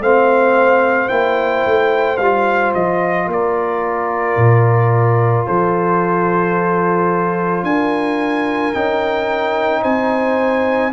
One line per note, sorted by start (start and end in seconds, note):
0.00 1.09 A3
0.00 1.09 C4
0.00 3.29 C5
0.00 1.08 F5
1.08 1.65 A#3
1.08 2.18 E4
1.08 2.17 G5
1.65 2.19 A3
2.17 2.74 G3
2.17 8.74 F4
2.17 2.72 F5
2.74 3.27 F3
2.74 3.29 D#5
3.27 4.36 A#3
3.27 5.46 A#4
3.27 5.46 D5
4.36 5.45 A#2
5.46 7.63 F3
5.46 7.65 A4
5.46 7.64 C5
7.63 8.72 D4
7.63 9.82 A#4
7.63 8.73 G#5
8.73 9.84 C#4
8.73 10.92 D#4
8.73 9.82 G5
9.82 10.93 C4
9.82 10.91 C5
9.82 10.92 G#5